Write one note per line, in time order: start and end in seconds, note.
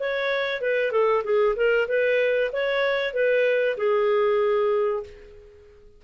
0.00 0.62 C#5
0.62 0.92 B4
0.92 1.24 A4
1.24 1.56 G#4
1.56 1.88 A#4
1.88 2.51 B4
2.53 3.14 C#5
3.14 3.77 B4
3.78 5.04 G#4